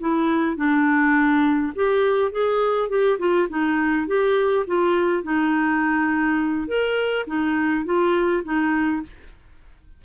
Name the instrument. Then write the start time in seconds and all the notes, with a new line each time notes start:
clarinet
0.00 E4
0.56 D4
1.75 G4
2.32 G#4
2.89 G4
3.19 F4
3.49 D#4
4.07 G4
4.67 F4
5.23 D#4
6.67 A#4
7.27 D#4
7.85 F4
8.44 D#4